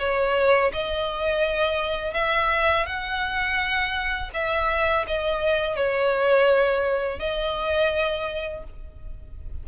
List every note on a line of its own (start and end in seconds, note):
0.00 0.72 C#5
0.73 2.14 D#5
2.14 2.86 E5
2.86 4.31 F#5
4.34 5.06 E5
5.08 5.77 D#5
5.77 7.20 C#5
7.20 8.64 D#5